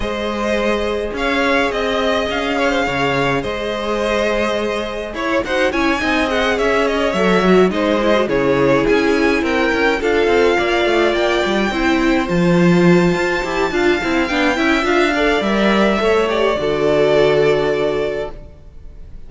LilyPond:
<<
  \new Staff \with { instrumentName = "violin" } { \time 4/4 \tempo 4 = 105 dis''2 f''4 dis''4 | f''2 dis''2~ | dis''4 cis''8 fis''8 gis''4 fis''8 e''8 | dis''8 e''4 dis''4 cis''4 gis''8~ |
gis''8 g''4 f''2 g''8~ | g''4. a''2~ a''8~ | a''4 g''4 f''4 e''4~ | e''8 d''2.~ d''8 | }
  \new Staff \with { instrumentName = "violin" } { \time 4/4 c''2 cis''4 dis''4~ | dis''8 cis''16 c''16 cis''4 c''2~ | c''4 cis''8 c''8 cis''8 dis''4 cis''8~ | cis''4. c''4 gis'4.~ |
gis'8 ais'4 a'4 d''4.~ | d''8 c''2.~ c''8 | f''4. e''4 d''4. | cis''4 a'2. | }
  \new Staff \with { instrumentName = "viola" } { \time 4/4 gis'1~ | gis'1~ | gis'4. fis'8 e'8 dis'8 gis'4~ | gis'8 a'8 fis'8 dis'8 e'16 fis'16 e'4.~ |
e'4. f'2~ f'8~ | f'8 e'4 f'2 g'8 | f'8 e'8 d'8 e'8 f'8 a'8 ais'4 | a'8 g'8 fis'2. | }
  \new Staff \with { instrumentName = "cello" } { \time 4/4 gis2 cis'4 c'4 | cis'4 cis4 gis2~ | gis4 e'8 dis'8 cis'8 c'4 cis'8~ | cis'8 fis4 gis4 cis4 cis'8~ |
cis'8 c'8 cis'8 d'8 c'8 ais8 a8 ais8 | g8 c'4 f4. f'8 e'8 | d'8 c'8 b8 cis'8 d'4 g4 | a4 d2. | }
>>